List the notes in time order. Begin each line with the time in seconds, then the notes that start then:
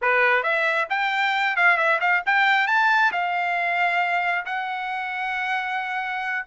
0.01 B4
0.43 E5
0.89 G5
1.56 F5
1.77 E5
2.00 F5
2.25 G5
2.67 A5
3.12 F5
4.45 F#5